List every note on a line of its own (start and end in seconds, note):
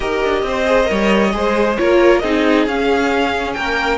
0.00 0.21 D#4
0.00 0.65 G4
0.00 0.42 A#4
0.00 1.76 D#5
0.24 0.42 D4
0.42 0.87 C4
0.42 0.89 C5
0.65 0.85 G#4
0.85 1.33 G3
0.85 1.29 A#4
0.85 1.34 C#5
1.32 1.78 G#3
1.32 1.76 G#4
1.32 1.79 C5
1.77 2.22 A#3
1.77 2.22 F4
1.77 2.23 A#4
1.77 2.19 C#5
2.19 2.66 C4
2.19 2.67 D#4
2.19 3.56 G#4
2.19 2.63 D#5
2.66 3.55 C#4
2.66 3.98 C#4
2.66 3.53 F5
3.53 3.98 A#3
3.53 3.98 A#4
3.53 3.97 G5